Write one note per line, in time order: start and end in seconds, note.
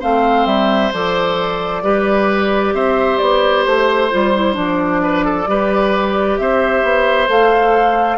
0.00 0.46 A3
0.00 0.92 C4
0.00 1.82 C5
0.00 0.46 F5
0.46 0.91 G3
0.46 0.92 E5
0.93 1.83 F3
0.93 1.83 A4
0.93 2.74 D5
1.83 2.73 G3
1.83 4.10 G4
1.83 2.74 B4
2.73 3.18 C4
2.73 5.02 C5
2.73 3.18 E5
3.18 3.66 B3
3.18 3.63 D5
3.64 4.11 A3
3.64 4.55 C5
4.10 4.56 G3
4.10 4.33 F4
4.34 4.53 E4
4.53 5.47 F3
4.53 5.44 D4
4.53 6.37 D5
5.03 5.25 B4
5.25 5.48 A4
5.47 6.38 G3
5.47 7.27 G4
5.47 6.40 B4
6.37 6.83 C4
6.37 8.18 C5
6.37 7.28 E5
6.83 7.28 B3
7.27 8.18 A3
7.27 8.18 A4
7.27 8.18 F5